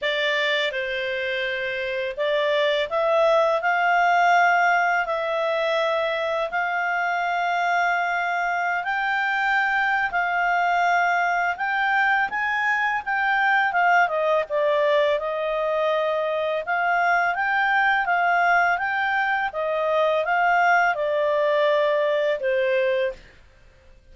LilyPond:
\new Staff \with { instrumentName = "clarinet" } { \time 4/4 \tempo 4 = 83 d''4 c''2 d''4 | e''4 f''2 e''4~ | e''4 f''2.~ | f''16 g''4.~ g''16 f''2 |
g''4 gis''4 g''4 f''8 dis''8 | d''4 dis''2 f''4 | g''4 f''4 g''4 dis''4 | f''4 d''2 c''4 | }